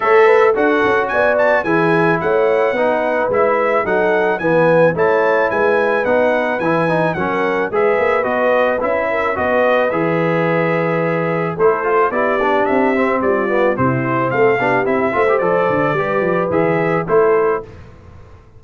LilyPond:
<<
  \new Staff \with { instrumentName = "trumpet" } { \time 4/4 \tempo 4 = 109 e''4 fis''4 gis''8 a''8 gis''4 | fis''2 e''4 fis''4 | gis''4 a''4 gis''4 fis''4 | gis''4 fis''4 e''4 dis''4 |
e''4 dis''4 e''2~ | e''4 c''4 d''4 e''4 | d''4 c''4 f''4 e''4 | d''2 e''4 c''4 | }
  \new Staff \with { instrumentName = "horn" } { \time 4/4 cis''8 b'8 a'4 d''4 gis'4 | cis''4 b'2 a'4 | b'4 cis''4 b'2~ | b'4 ais'4 b'2~ |
b'8 ais'8 b'2.~ | b'4 a'4 g'2 | f'4 e'4 a'8 g'4 c''8~ | c''4 b'2 a'4 | }
  \new Staff \with { instrumentName = "trombone" } { \time 4/4 a'4 fis'2 e'4~ | e'4 dis'4 e'4 dis'4 | b4 e'2 dis'4 | e'8 dis'8 cis'4 gis'4 fis'4 |
e'4 fis'4 gis'2~ | gis'4 e'8 f'8 e'8 d'4 c'8~ | c'8 b8 c'4. d'8 e'8 f'16 g'16 | a'4 g'4 gis'4 e'4 | }
  \new Staff \with { instrumentName = "tuba" } { \time 4/4 a4 d'8 cis'8 b4 e4 | a4 b4 gis4 fis4 | e4 a4 gis4 b4 | e4 fis4 gis8 ais8 b4 |
cis'4 b4 e2~ | e4 a4 b4 c'4 | g4 c4 a8 b8 c'8 a8 | f8 d8 g8 f8 e4 a4 | }
>>